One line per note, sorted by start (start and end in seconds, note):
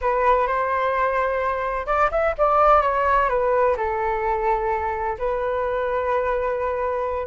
0.01 0.47 B4
0.47 1.86 C5
1.86 2.10 D5
2.11 2.34 E5
2.38 2.82 D5
2.82 3.29 C#5
3.29 3.76 B4
3.76 5.17 A4
5.18 7.26 B4